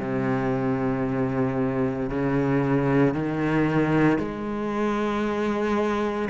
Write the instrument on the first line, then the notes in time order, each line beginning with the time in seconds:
cello
0.00 C3
2.10 C#3
3.15 D#3
4.19 G#3